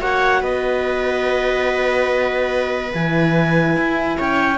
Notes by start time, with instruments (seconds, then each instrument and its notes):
0.00 cello A#3, horn F#4, viola C#5, clarinet F#5
0.41 cello B3, viola B4, clarinet D#5
2.93 cello E3, horn E4, clarinet G#5
3.76 cello E4
4.18 cello C#4, viola C#5, clarinet G5